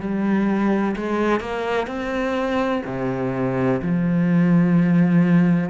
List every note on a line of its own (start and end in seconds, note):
0.00 0.95 G3
0.96 1.40 G#3
1.40 1.87 A#3
1.87 2.82 C4
2.86 3.81 C3
3.82 5.70 F3